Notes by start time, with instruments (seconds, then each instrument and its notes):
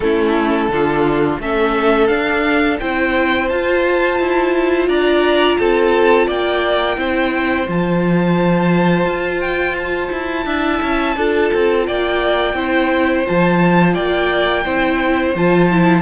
0.00 cello A3, viola C#4, violin E4 A4
0.68 cello D3, viola D4, violin F4
1.39 cello A3, viola C#4, violin A4 E5
2.07 viola D4, cello D4, violin F5
2.79 cello C4, viola E4, violin C5 G5
3.48 viola F4, cello F4, violin A5
4.19 cello E4
4.87 cello D4, violin D5 A#5
5.57 cello C4, violin A4 A5
6.26 cello A#3, violin D5 G5
6.96 cello C4, viola E4, violin C5
7.67 cello F3, viola F4, violin A5
9.05 cello F4
9.40 violin G5
9.77 violin A5
10.12 cello E4
10.45 cello D4, viola E4, violin E5
10.82 cello C#4
11.16 cello D4, viola F4, violin A4
11.53 cello C4
11.87 cello A#3, violin D5 G5
12.54 cello C4, viola E4, violin C5
13.25 cello F3, viola F4, violin A5
13.93 cello A#3, violin D5 G5
14.63 cello C4, viola E4, violin C5
15.35 cello F3, viola F4, violin A5
15.71 viola E4